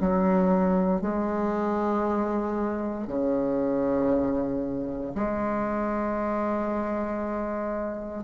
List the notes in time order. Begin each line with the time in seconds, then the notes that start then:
0.00 F#3
1.01 G#3
3.07 C#3
5.14 G#3